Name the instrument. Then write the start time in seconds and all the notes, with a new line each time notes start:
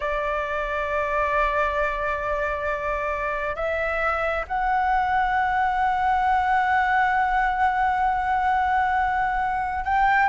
flute
0.00 D5
3.55 E5
4.47 F#5
9.84 G5